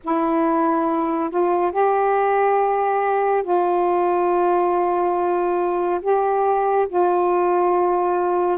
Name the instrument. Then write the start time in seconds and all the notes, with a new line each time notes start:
saxophone
0.04 E4
1.29 F4
1.71 G4
3.43 F4
6.01 G4
6.88 F4